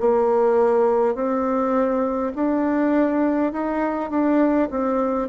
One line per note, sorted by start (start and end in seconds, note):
0.00 1.15 A#3
1.15 2.33 C4
2.35 3.52 D4
3.52 4.10 D#4
4.10 4.69 D4
4.71 5.29 C4